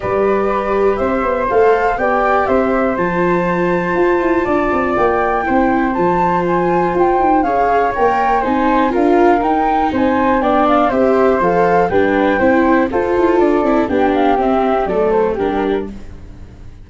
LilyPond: <<
  \new Staff \with { instrumentName = "flute" } { \time 4/4 \tempo 4 = 121 d''2 e''4 f''4 | g''4 e''4 a''2~ | a''2 g''2 | a''4 gis''4 g''4 f''4 |
g''4 gis''4 f''4 g''4 | gis''4 g''8 f''8 e''4 f''4 | g''2 c''4 d''4 | g''8 f''8 e''4 d''8 c''8 ais'4 | }
  \new Staff \with { instrumentName = "flute" } { \time 4/4 b'2 c''2 | d''4 c''2.~ | c''4 d''2 c''4~ | c''2. cis''4~ |
cis''4 c''4 ais'2 | c''4 d''4 c''2 | b'4 c''4 a'2 | g'2 a'4 g'4 | }
  \new Staff \with { instrumentName = "viola" } { \time 4/4 g'2. a'4 | g'2 f'2~ | f'2. e'4 | f'2. gis'4 |
ais'4 dis'4 f'4 dis'4~ | dis'4 d'4 g'4 a'4 | d'4 e'4 f'4. e'8 | d'4 c'4 a4 d'4 | }
  \new Staff \with { instrumentName = "tuba" } { \time 4/4 g2 c'8 b8 a4 | b4 c'4 f2 | f'8 e'8 d'8 c'8 ais4 c'4 | f2 f'8 dis'8 cis'4 |
ais4 c'4 d'4 dis'4 | c'4 b4 c'4 f4 | g4 c'4 f'8 e'8 d'8 c'8 | b4 c'4 fis4 g4 | }
>>